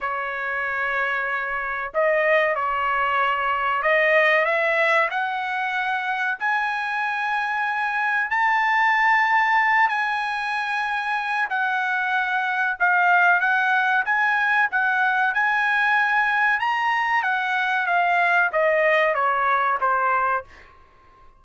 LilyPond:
\new Staff \with { instrumentName = "trumpet" } { \time 4/4 \tempo 4 = 94 cis''2. dis''4 | cis''2 dis''4 e''4 | fis''2 gis''2~ | gis''4 a''2~ a''8 gis''8~ |
gis''2 fis''2 | f''4 fis''4 gis''4 fis''4 | gis''2 ais''4 fis''4 | f''4 dis''4 cis''4 c''4 | }